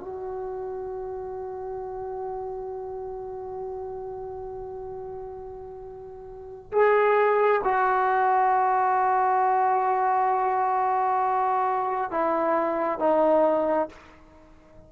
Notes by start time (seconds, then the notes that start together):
0.00 F#4
6.72 G#4
7.64 F#4
12.11 E4
13.00 D#4